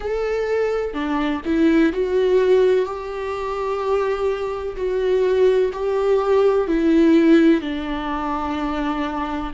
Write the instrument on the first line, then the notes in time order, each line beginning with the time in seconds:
viola
0.00 A4
0.93 D4
1.45 E4
1.93 F#4
2.85 G4
4.76 F#4
5.72 G4
6.67 E4
7.61 D4